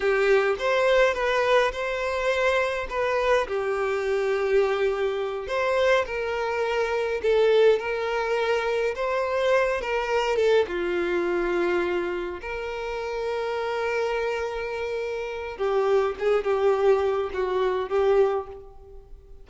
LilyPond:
\new Staff \with { instrumentName = "violin" } { \time 4/4 \tempo 4 = 104 g'4 c''4 b'4 c''4~ | c''4 b'4 g'2~ | g'4. c''4 ais'4.~ | ais'8 a'4 ais'2 c''8~ |
c''4 ais'4 a'8 f'4.~ | f'4. ais'2~ ais'8~ | ais'2. g'4 | gis'8 g'4. fis'4 g'4 | }